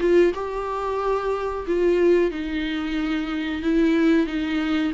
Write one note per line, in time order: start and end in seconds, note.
0.00 0.33 F4
0.34 1.66 G4
1.67 2.31 F4
2.31 3.63 D#4
3.63 4.27 E4
4.27 4.93 D#4